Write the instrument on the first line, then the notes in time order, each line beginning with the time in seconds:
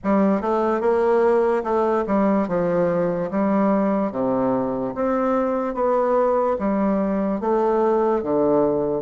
bassoon
0.03 G3
0.41 A3
0.80 A#3
1.63 A3
2.07 G3
2.48 F3
3.31 G3
4.11 C3
4.94 C4
5.74 B3
6.58 G3
7.40 A3
8.22 D3